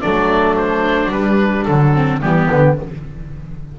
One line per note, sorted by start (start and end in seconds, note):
0.00 1.10 F#3
0.00 1.10 A3
0.00 1.93 D4
0.00 0.56 D5
0.57 1.12 C5
1.10 1.65 G3
1.10 1.64 B4
1.64 2.23 D3
1.64 2.21 F#3
1.64 2.19 A4
1.94 2.21 C4
2.21 2.50 E3
2.21 2.48 G3
2.21 2.77 B3
2.21 2.76 G4
2.50 2.79 D3
2.50 2.78 B3